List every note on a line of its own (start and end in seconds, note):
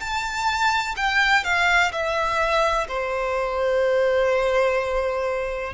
0.00 0.95 A5
0.97 1.44 G5
1.44 1.92 F5
1.92 2.87 E5
2.88 5.74 C5